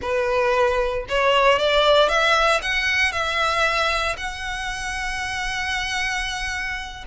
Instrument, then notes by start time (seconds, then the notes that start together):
violin
0.01 B4
1.08 C#5
1.59 D5
2.08 E5
2.62 F#5
3.11 E5
4.17 F#5